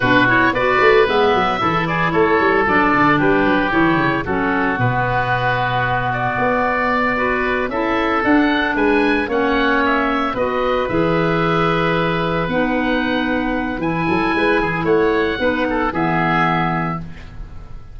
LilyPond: <<
  \new Staff \with { instrumentName = "oboe" } { \time 4/4 \tempo 4 = 113 b'8 cis''8 d''4 e''4. d''8 | cis''4 d''4 b'4 cis''4 | a'4 b'2~ b'8 d''8~ | d''2~ d''8 e''4 fis''8~ |
fis''8 gis''4 fis''4 e''4 dis''8~ | dis''8 e''2. fis''8~ | fis''2 gis''2 | fis''2 e''2 | }
  \new Staff \with { instrumentName = "oboe" } { \time 4/4 fis'4 b'2 a'8 gis'8 | a'2 g'2 | fis'1~ | fis'4. b'4 a'4.~ |
a'8 b'4 cis''2 b'8~ | b'1~ | b'2~ b'8 a'8 b'8 gis'8 | cis''4 b'8 a'8 gis'2 | }
  \new Staff \with { instrumentName = "clarinet" } { \time 4/4 d'8 e'8 fis'4 b4 e'4~ | e'4 d'2 e'4 | cis'4 b2.~ | b4. fis'4 e'4 d'8~ |
d'4. cis'2 fis'8~ | fis'8 gis'2. dis'8~ | dis'2 e'2~ | e'4 dis'4 b2 | }
  \new Staff \with { instrumentName = "tuba" } { \time 4/4 b,4 b8 a8 gis8 fis8 e4 | a8 g8 fis8 d8 g8 fis8 e8 cis8 | fis4 b,2. | b2~ b8 cis'4 d'8~ |
d'8 gis4 ais2 b8~ | b8 e2. b8~ | b2 e8 fis8 gis8 e8 | a4 b4 e2 | }
>>